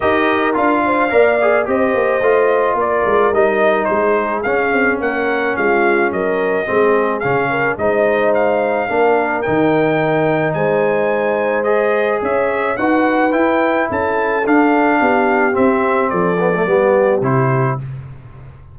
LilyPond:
<<
  \new Staff \with { instrumentName = "trumpet" } { \time 4/4 \tempo 4 = 108 dis''4 f''2 dis''4~ | dis''4 d''4 dis''4 c''4 | f''4 fis''4 f''4 dis''4~ | dis''4 f''4 dis''4 f''4~ |
f''4 g''2 gis''4~ | gis''4 dis''4 e''4 fis''4 | g''4 a''4 f''2 | e''4 d''2 c''4 | }
  \new Staff \with { instrumentName = "horn" } { \time 4/4 ais'4. c''8 d''4 c''4~ | c''4 ais'2 gis'4~ | gis'4 ais'4 f'4 ais'4 | gis'4. ais'8 c''2 |
ais'2. c''4~ | c''2 cis''4 b'4~ | b'4 a'2 g'4~ | g'4 a'4 g'2 | }
  \new Staff \with { instrumentName = "trombone" } { \time 4/4 g'4 f'4 ais'8 gis'8 g'4 | f'2 dis'2 | cis'1 | c'4 cis'4 dis'2 |
d'4 dis'2.~ | dis'4 gis'2 fis'4 | e'2 d'2 | c'4. b16 a16 b4 e'4 | }
  \new Staff \with { instrumentName = "tuba" } { \time 4/4 dis'4 d'4 ais4 c'8 ais8 | a4 ais8 gis8 g4 gis4 | cis'8 c'8 ais4 gis4 fis4 | gis4 cis4 gis2 |
ais4 dis2 gis4~ | gis2 cis'4 dis'4 | e'4 cis'4 d'4 b4 | c'4 f4 g4 c4 | }
>>